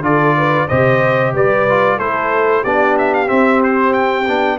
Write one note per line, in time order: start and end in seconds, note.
0.00 0.65 D3
0.00 0.68 F4
0.00 0.36 A4
0.00 0.68 D5
0.37 0.68 B4
0.68 1.35 C3
0.68 1.68 G4
0.68 1.33 C5
0.68 1.33 D#5
1.34 1.99 G3
1.34 1.98 B4
1.34 1.99 D5
1.69 2.00 F4
1.98 2.64 A3
1.98 2.65 E4
1.98 2.63 A4
1.98 2.64 C5
2.63 3.30 B3
2.63 3.27 D4
2.63 4.58 G4
2.63 2.97 D5
2.98 3.14 E5
3.14 3.29 F5
3.27 4.25 C4
3.27 4.28 C4
3.27 3.61 E5
3.63 3.93 C5
3.93 4.58 G5
4.27 4.59 B3
4.27 4.59 D4